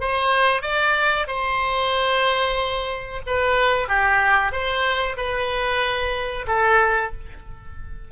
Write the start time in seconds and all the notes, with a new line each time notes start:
0.00 C5
0.62 D5
1.27 C5
3.26 B4
3.88 G4
4.52 C5
5.17 B4
6.47 A4